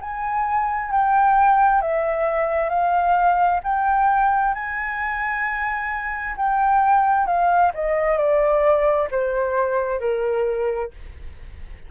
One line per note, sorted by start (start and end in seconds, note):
0.00 0.91 G#5
0.91 1.81 G5
1.81 2.69 E5
2.69 3.60 F5
3.63 4.54 G5
4.54 6.36 G#5
6.36 7.26 G5
7.26 7.71 F5
7.74 8.17 D#5
8.17 9.08 D5
9.11 10.00 C5
10.00 10.90 A#4